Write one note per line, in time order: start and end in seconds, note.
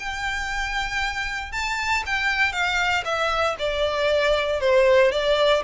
0.00 1.52 G5
1.52 2.03 A5
2.06 2.53 G5
2.53 3.04 F5
3.05 3.56 E5
3.59 4.61 D5
4.61 5.12 C5
5.12 5.63 D5